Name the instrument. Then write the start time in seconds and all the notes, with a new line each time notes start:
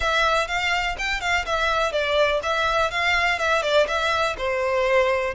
violin
0.00 E5
0.47 F5
0.98 G5
1.21 F5
1.45 E5
1.92 D5
2.42 E5
2.90 F5
3.38 E5
3.62 D5
3.87 E5
4.37 C5